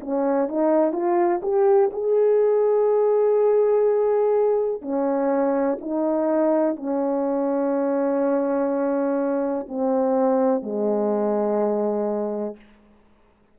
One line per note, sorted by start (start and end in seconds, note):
0.00 0.48 C#4
0.48 0.92 D#4
0.92 1.40 F4
1.42 1.90 G4
1.92 4.81 G#4
4.81 5.78 C#4
5.80 6.76 D#4
6.76 9.66 C#4
9.68 10.62 C4
10.62 12.55 G#3